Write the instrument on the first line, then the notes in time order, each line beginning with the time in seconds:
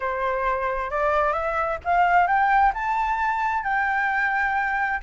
flute
0.00 C5
0.90 D5
1.32 E5
1.84 F5
2.27 G5
2.74 A5
3.63 G5